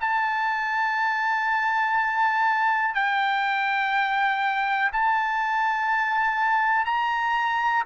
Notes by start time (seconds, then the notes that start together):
0.00 A5
2.94 G5
4.92 A5
6.85 A#5